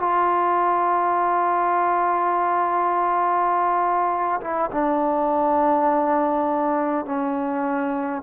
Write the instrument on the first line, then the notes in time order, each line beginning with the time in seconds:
trombone
0.00 F4
4.41 E4
4.72 D4
7.06 C#4